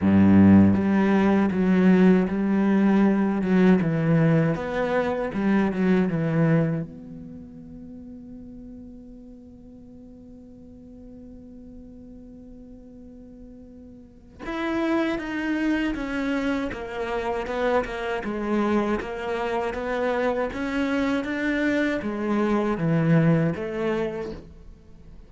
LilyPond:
\new Staff \with { instrumentName = "cello" } { \time 4/4 \tempo 4 = 79 g,4 g4 fis4 g4~ | g8 fis8 e4 b4 g8 fis8 | e4 b2.~ | b1~ |
b2. e'4 | dis'4 cis'4 ais4 b8 ais8 | gis4 ais4 b4 cis'4 | d'4 gis4 e4 a4 | }